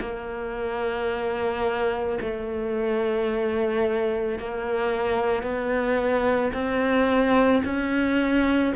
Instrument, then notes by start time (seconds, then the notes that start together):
cello
0.00 A#3
2.20 A3
4.38 A#3
5.42 B3
6.53 C4
7.64 C#4